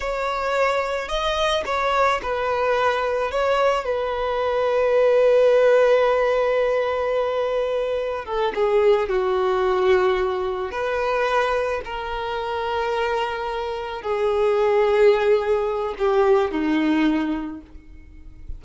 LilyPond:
\new Staff \with { instrumentName = "violin" } { \time 4/4 \tempo 4 = 109 cis''2 dis''4 cis''4 | b'2 cis''4 b'4~ | b'1~ | b'2. a'8 gis'8~ |
gis'8 fis'2. b'8~ | b'4. ais'2~ ais'8~ | ais'4. gis'2~ gis'8~ | gis'4 g'4 dis'2 | }